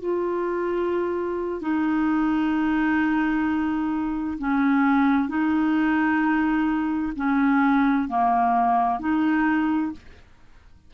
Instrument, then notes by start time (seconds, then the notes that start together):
clarinet
0.00 F4
1.61 D#4
4.38 C#4
5.28 D#4
7.16 C#4
8.09 A#3
9.00 D#4